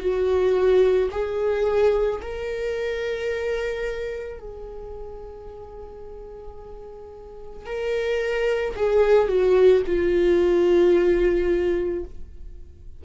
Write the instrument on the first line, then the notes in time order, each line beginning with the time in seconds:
viola
0.00 F#4
1.12 G#4
2.22 A#4
4.39 G#4
7.66 A#4
8.76 G#4
9.28 F#4
9.86 F4